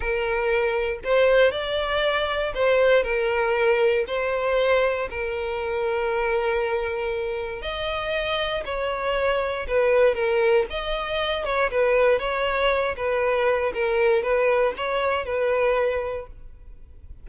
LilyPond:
\new Staff \with { instrumentName = "violin" } { \time 4/4 \tempo 4 = 118 ais'2 c''4 d''4~ | d''4 c''4 ais'2 | c''2 ais'2~ | ais'2. dis''4~ |
dis''4 cis''2 b'4 | ais'4 dis''4. cis''8 b'4 | cis''4. b'4. ais'4 | b'4 cis''4 b'2 | }